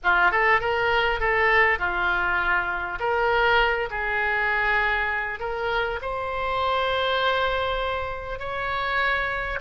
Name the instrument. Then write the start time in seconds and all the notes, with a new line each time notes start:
oboe
0.03 F4
0.31 A4
0.60 A#4
1.19 A4
1.78 F4
2.99 A#4
3.90 G#4
5.39 A#4
6.01 C5
8.39 C#5